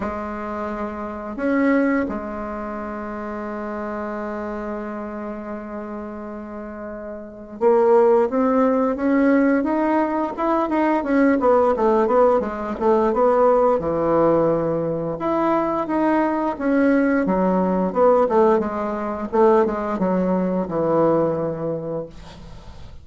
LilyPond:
\new Staff \with { instrumentName = "bassoon" } { \time 4/4 \tempo 4 = 87 gis2 cis'4 gis4~ | gis1~ | gis2. ais4 | c'4 cis'4 dis'4 e'8 dis'8 |
cis'8 b8 a8 b8 gis8 a8 b4 | e2 e'4 dis'4 | cis'4 fis4 b8 a8 gis4 | a8 gis8 fis4 e2 | }